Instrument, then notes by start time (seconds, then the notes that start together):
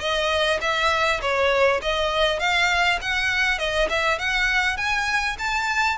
violin
0.00 D#5
0.61 E5
1.21 C#5
1.82 D#5
2.40 F5
3.01 F#5
3.59 D#5
3.89 E5
4.19 F#5
4.77 G#5
5.38 A5